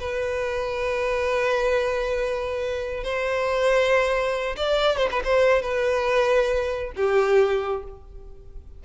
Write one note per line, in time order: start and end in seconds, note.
0.00 3.04 B4
3.04 4.56 C5
4.57 4.97 D5
4.97 5.08 C5
5.11 5.22 B4
5.24 5.62 C5
5.62 6.92 B4
6.96 7.83 G4